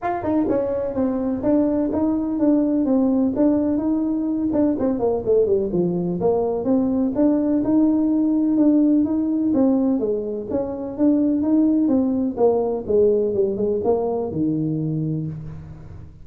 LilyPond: \new Staff \with { instrumentName = "tuba" } { \time 4/4 \tempo 4 = 126 f'8 dis'8 cis'4 c'4 d'4 | dis'4 d'4 c'4 d'4 | dis'4. d'8 c'8 ais8 a8 g8 | f4 ais4 c'4 d'4 |
dis'2 d'4 dis'4 | c'4 gis4 cis'4 d'4 | dis'4 c'4 ais4 gis4 | g8 gis8 ais4 dis2 | }